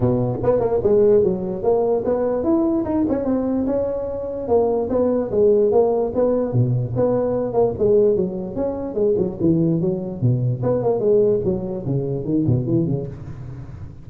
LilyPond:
\new Staff \with { instrumentName = "tuba" } { \time 4/4 \tempo 4 = 147 b,4 b8 ais8 gis4 fis4 | ais4 b4 e'4 dis'8 cis'8 | c'4 cis'2 ais4 | b4 gis4 ais4 b4 |
b,4 b4. ais8 gis4 | fis4 cis'4 gis8 fis8 e4 | fis4 b,4 b8 ais8 gis4 | fis4 cis4 dis8 b,8 e8 cis8 | }